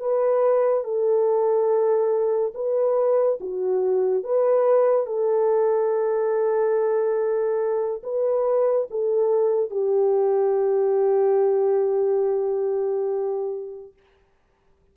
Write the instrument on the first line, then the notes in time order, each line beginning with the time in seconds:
horn
0.00 B4
0.85 A4
2.55 B4
3.41 F#4
4.24 B4
5.07 A4
8.04 B4
8.91 A4
9.71 G4